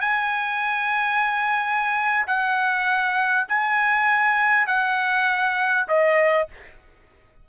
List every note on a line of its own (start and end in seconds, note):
0.00 2.25 G#5
2.26 3.46 F#5
3.48 4.66 G#5
4.66 5.86 F#5
5.88 6.48 D#5